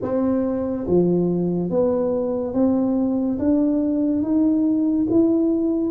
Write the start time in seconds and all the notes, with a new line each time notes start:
0.02 C4
0.87 F3
1.69 B3
2.54 C4
3.38 D4
4.22 D#4
5.10 E4